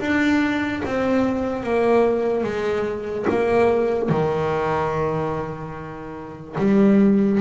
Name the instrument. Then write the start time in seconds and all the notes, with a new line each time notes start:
double bass
0.00 D4
0.86 C4
1.63 A#3
2.44 G#3
3.30 A#3
4.09 D#3
6.58 G3